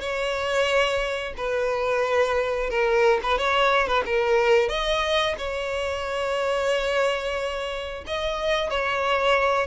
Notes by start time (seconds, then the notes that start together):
0.00 C#5
1.37 B4
2.69 A#4
3.22 B4
3.38 C#5
3.87 B4
4.05 A#4
4.68 D#5
5.38 C#5
8.07 D#5
8.70 C#5